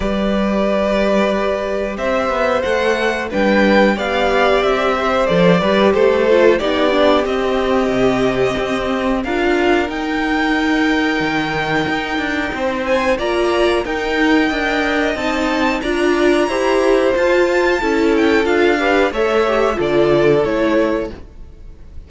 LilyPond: <<
  \new Staff \with { instrumentName = "violin" } { \time 4/4 \tempo 4 = 91 d''2. e''4 | fis''4 g''4 f''4 e''4 | d''4 c''4 d''4 dis''4~ | dis''2 f''4 g''4~ |
g''2.~ g''8 gis''8 | ais''4 g''2 a''4 | ais''2 a''4. g''8 | f''4 e''4 d''4 cis''4 | }
  \new Staff \with { instrumentName = "violin" } { \time 4/4 b'2. c''4~ | c''4 b'4 d''4. c''8~ | c''8 b'8 a'4 g'2~ | g'2 ais'2~ |
ais'2. c''4 | d''4 ais'4 dis''2 | d''4 c''2 a'4~ | a'8 b'8 cis''4 a'2 | }
  \new Staff \with { instrumentName = "viola" } { \time 4/4 g'1 | a'4 d'4 g'2 | a'8 g'4 f'8 dis'8 d'8 c'4~ | c'2 f'4 dis'4~ |
dis'1 | f'4 dis'4 ais'4 dis'4 | f'4 g'4 f'4 e'4 | f'8 g'8 a'8 g'8 f'4 e'4 | }
  \new Staff \with { instrumentName = "cello" } { \time 4/4 g2. c'8 b8 | a4 g4 b4 c'4 | f8 g8 a4 b4 c'4 | c4 c'4 d'4 dis'4~ |
dis'4 dis4 dis'8 d'8 c'4 | ais4 dis'4 d'4 c'4 | d'4 e'4 f'4 cis'4 | d'4 a4 d4 a4 | }
>>